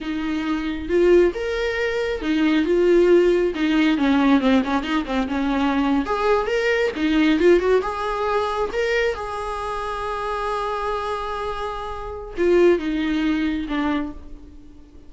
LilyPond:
\new Staff \with { instrumentName = "viola" } { \time 4/4 \tempo 4 = 136 dis'2 f'4 ais'4~ | ais'4 dis'4 f'2 | dis'4 cis'4 c'8 cis'8 dis'8 c'8 | cis'4.~ cis'16 gis'4 ais'4 dis'16~ |
dis'8. f'8 fis'8 gis'2 ais'16~ | ais'8. gis'2.~ gis'16~ | gis'1 | f'4 dis'2 d'4 | }